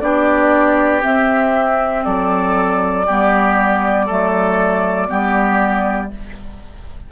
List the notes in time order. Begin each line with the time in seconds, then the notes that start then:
0.00 B3 D4 G4 D5
1.01 C4 E5
2.04 F#3 A4 D5
3.07 G3 B3 G4
4.06 F#3 A3 A4
5.08 G3 B3 G4